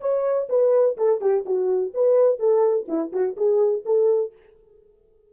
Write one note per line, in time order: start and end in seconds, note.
0.00 0.48 C#5
0.49 0.96 B4
0.97 1.21 A4
1.21 1.44 G4
1.45 1.93 F#4
1.94 2.39 B4
2.39 2.87 A4
2.88 3.12 E4
3.12 3.36 F#4
3.37 3.84 G#4
3.85 4.32 A4